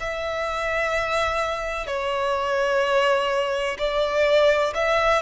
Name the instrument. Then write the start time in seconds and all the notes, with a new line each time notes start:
violin
0.00 E5
1.87 C#5
3.78 D5
4.74 E5